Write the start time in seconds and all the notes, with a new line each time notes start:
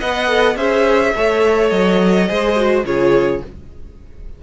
0.00 B3 B4 D#5 F#5
0.27 A4
0.56 C#4 G#4 C5 E5
1.15 A3 A4 C#5
1.70 F#3 D#5
2.28 G#3 G#4 C5
2.56 F#4
2.84 C#3 F4 G#4 C#5